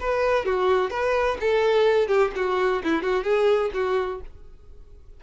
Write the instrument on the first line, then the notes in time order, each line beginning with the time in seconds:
violin
0.00 B4
0.45 F#4
0.90 B4
1.40 A4
2.08 G4
2.36 F#4
2.84 E4
3.03 F#4
3.24 G#4
3.74 F#4